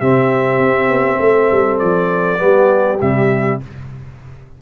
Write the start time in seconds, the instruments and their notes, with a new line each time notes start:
0.00 tuba C3, trombone C4, horn G4, trumpet E5
0.59 tuba C4
0.89 tuba B3
1.19 tuba A3, horn A4
1.51 tuba G3
1.79 tuba F3, trumpet D5
2.38 tuba G3, trombone B3, horn G4
3.01 tuba C3, trombone G3, trumpet E5